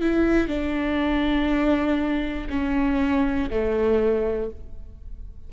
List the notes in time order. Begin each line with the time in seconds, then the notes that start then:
0.00 E4
0.47 D4
2.49 C#4
3.50 A3